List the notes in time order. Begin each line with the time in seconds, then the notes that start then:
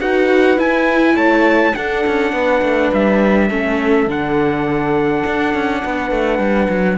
0.00 D#4 F#4 B4 F#5
0.57 E4 G#5
1.15 A3 C#5 A5
1.75 D4 A4 F#5
2.07 C#4
2.33 B3 B4
2.63 A3
2.93 G3 E5
3.49 A3 C#4 A4
4.07 D3 D4 F#5
5.26 D4
5.55 C#4
5.84 B3 B4
6.11 A3
6.39 G3
6.69 F#3